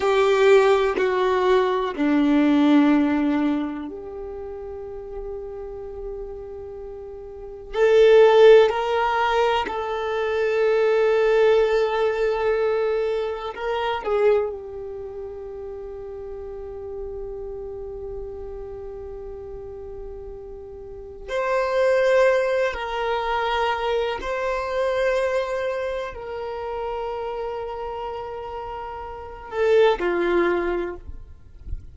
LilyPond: \new Staff \with { instrumentName = "violin" } { \time 4/4 \tempo 4 = 62 g'4 fis'4 d'2 | g'1 | a'4 ais'4 a'2~ | a'2 ais'8 gis'8 g'4~ |
g'1~ | g'2 c''4. ais'8~ | ais'4 c''2 ais'4~ | ais'2~ ais'8 a'8 f'4 | }